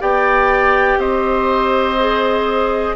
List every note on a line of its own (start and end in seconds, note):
0.00 0.98 B3
0.00 1.97 G4
0.00 0.99 D5
0.00 1.00 G5
0.98 2.94 C4
0.98 2.96 C5
0.98 2.96 D#5
2.00 2.96 G#4